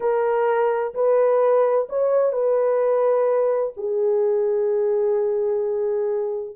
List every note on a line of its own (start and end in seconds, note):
0.00 0.94 A#4
0.94 1.88 B4
1.89 2.32 C#5
2.32 3.73 B4
3.76 6.56 G#4